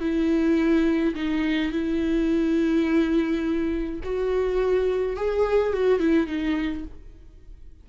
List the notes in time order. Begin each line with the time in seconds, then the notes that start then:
0.00 E4
1.15 D#4
1.72 E4
4.04 F#4
5.16 G#4
5.73 F#4
6.00 E4
6.27 D#4